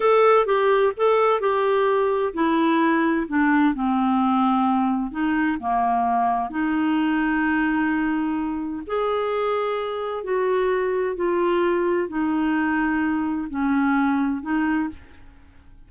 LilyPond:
\new Staff \with { instrumentName = "clarinet" } { \time 4/4 \tempo 4 = 129 a'4 g'4 a'4 g'4~ | g'4 e'2 d'4 | c'2. dis'4 | ais2 dis'2~ |
dis'2. gis'4~ | gis'2 fis'2 | f'2 dis'2~ | dis'4 cis'2 dis'4 | }